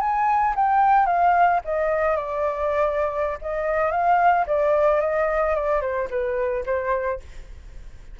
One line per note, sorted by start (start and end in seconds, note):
0.00 0.54 G#5
0.56 1.06 G5
1.06 1.60 F5
1.65 2.16 D#5
2.16 3.38 D5
3.41 3.91 D#5
3.91 4.45 F5
4.47 5.01 D5
5.01 5.55 D#5
5.55 5.81 D5
5.81 6.08 C5
6.10 6.64 B4
6.66 7.20 C5